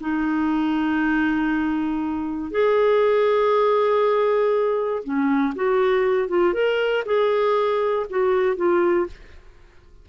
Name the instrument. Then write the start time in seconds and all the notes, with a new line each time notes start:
clarinet
0.00 D#4
2.51 G#4
5.03 C#4
5.56 F#4
6.28 F4
6.53 A#4
7.05 G#4
8.10 F#4
8.56 F4